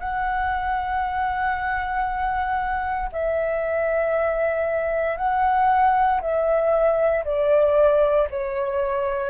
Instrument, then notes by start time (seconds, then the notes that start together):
flute
0.00 F#5
3.12 E5
5.17 F#5
6.21 E5
7.25 D5
8.30 C#5